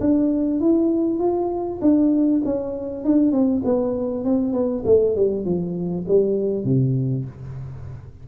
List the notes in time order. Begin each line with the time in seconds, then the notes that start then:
0.00 D4
0.60 E4
1.19 F4
1.81 D4
2.45 C#4
3.04 D4
3.32 C4
3.64 B3
4.25 C4
4.53 B3
4.85 A3
5.16 G3
5.45 F3
6.08 G3
6.64 C3